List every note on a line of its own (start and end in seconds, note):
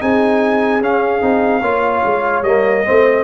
0.00 0.80 C4
0.00 0.81 D#4
0.00 1.61 G#4
0.00 0.82 G#5
0.80 1.21 C#4
0.80 2.43 F5
1.21 1.61 C4
1.21 1.61 D#4
1.61 2.02 A#3
1.61 2.44 F4
1.61 2.83 C#5
2.04 2.42 G#3
2.42 2.83 G3
2.42 2.85 A#3
2.42 3.24 D#5
2.85 3.24 A3
2.85 3.24 C4
2.85 3.24 C5